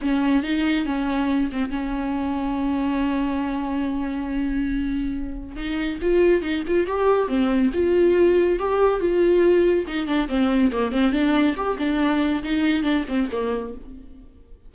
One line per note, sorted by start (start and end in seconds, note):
0.01 0.43 C#4
0.43 0.85 D#4
0.85 1.50 C#4
1.52 1.70 C4
1.70 5.56 C#4
5.56 5.98 D#4
6.01 6.42 F4
6.42 6.63 D#4
6.67 6.86 F4
6.86 7.28 G4
7.28 7.70 C4
7.73 8.59 F4
8.59 9.00 G4
9.00 9.85 F4
9.87 10.06 D#4
10.06 10.28 D4
10.28 10.71 C4
10.71 10.91 A#3
10.91 11.12 C4
11.12 11.55 D4
11.56 11.77 G4
11.78 12.42 D4
12.43 12.83 D#4
12.83 13.04 D4
13.08 13.29 C4
13.31 13.74 A#3